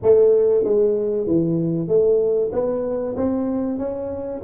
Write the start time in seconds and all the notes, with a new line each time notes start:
0.02 A3
0.63 G#3
1.27 E3
1.88 A3
2.52 B3
3.16 C4
3.78 C#4